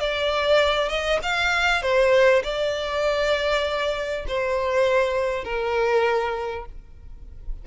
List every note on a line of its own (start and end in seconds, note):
0.00 0.89 D5
0.89 1.19 D#5
1.23 1.82 F5
1.82 2.43 C5
2.44 4.25 D5
4.28 5.44 C5
5.44 6.66 A#4